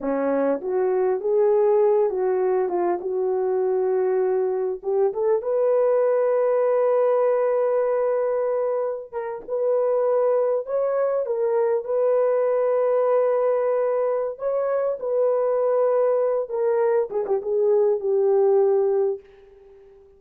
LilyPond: \new Staff \with { instrumentName = "horn" } { \time 4/4 \tempo 4 = 100 cis'4 fis'4 gis'4. fis'8~ | fis'8 f'8 fis'2. | g'8 a'8 b'2.~ | b'2.~ b'16 ais'8 b'16~ |
b'4.~ b'16 cis''4 ais'4 b'16~ | b'1 | cis''4 b'2~ b'8 ais'8~ | ais'8 gis'16 g'16 gis'4 g'2 | }